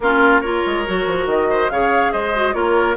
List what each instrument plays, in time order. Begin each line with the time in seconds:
0.00 bassoon A#3, clarinet C#4, oboe F4, flute A#4
0.40 clarinet F4, oboe A#4, flute C#5
0.65 bassoon G#3
0.86 bassoon F#3, clarinet F#4
1.06 bassoon F3
1.26 bassoon D#3, flute D#5
1.50 oboe C5
1.69 bassoon C#3, clarinet G#4, oboe C#5, flute F5
2.12 bassoon G#3, oboe C5, flute D#5
2.35 clarinet F#4
2.53 bassoon A#3, clarinet F4, oboe A#4, flute C#5